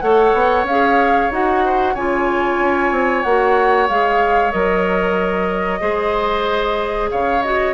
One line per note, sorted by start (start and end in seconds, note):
0.00 0.33 A3
0.00 0.66 A4
0.00 1.65 C#5
0.00 0.65 F#5
0.33 0.63 B3
0.63 1.28 C#4
0.63 1.32 F5
0.70 1.31 G#4
1.31 1.94 D#4
1.31 1.96 F#4
1.31 1.95 F#5
1.65 1.94 C5
1.94 2.59 C#3
1.94 3.26 F4
1.94 5.81 C#5
1.94 3.23 G#5
2.59 2.91 C#4
2.91 3.23 C4
3.23 3.89 A#3
3.23 3.88 F#4
3.23 3.87 F#5
3.88 4.53 G#3
3.88 4.52 G#4
3.88 4.51 F5
4.51 5.81 F#3
4.51 5.80 A#4
4.51 7.10 D#5
5.80 7.10 G#3
5.80 7.41 G#4
5.80 7.10 C5
7.11 7.74 C#3
7.11 7.74 C#5
7.11 7.42 F5
7.42 7.74 F#4
7.42 7.74 D#5